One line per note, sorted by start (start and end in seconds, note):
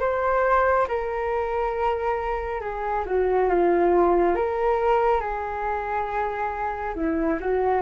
0.00 0.87 C5
0.88 2.61 A#4
2.61 3.04 G#4
3.06 3.49 F#4
3.49 4.35 F4
4.35 5.21 A#4
5.21 6.94 G#4
6.95 7.39 E4
7.40 7.81 F#4